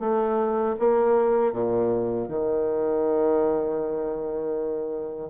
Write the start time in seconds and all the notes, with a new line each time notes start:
0.00 A3
0.79 A#3
1.53 A#2
2.29 D#3